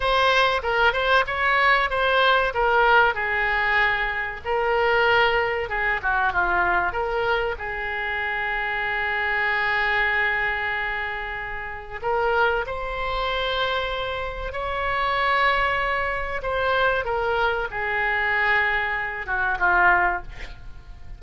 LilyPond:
\new Staff \with { instrumentName = "oboe" } { \time 4/4 \tempo 4 = 95 c''4 ais'8 c''8 cis''4 c''4 | ais'4 gis'2 ais'4~ | ais'4 gis'8 fis'8 f'4 ais'4 | gis'1~ |
gis'2. ais'4 | c''2. cis''4~ | cis''2 c''4 ais'4 | gis'2~ gis'8 fis'8 f'4 | }